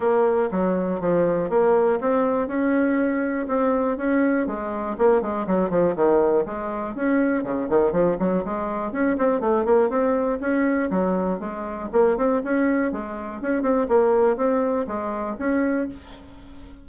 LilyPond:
\new Staff \with { instrumentName = "bassoon" } { \time 4/4 \tempo 4 = 121 ais4 fis4 f4 ais4 | c'4 cis'2 c'4 | cis'4 gis4 ais8 gis8 fis8 f8 | dis4 gis4 cis'4 cis8 dis8 |
f8 fis8 gis4 cis'8 c'8 a8 ais8 | c'4 cis'4 fis4 gis4 | ais8 c'8 cis'4 gis4 cis'8 c'8 | ais4 c'4 gis4 cis'4 | }